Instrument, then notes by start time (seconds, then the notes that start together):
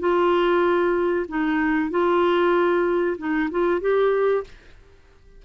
clarinet
0.00 F4
1.29 D#4
1.91 F4
3.18 D#4
3.51 F4
3.81 G4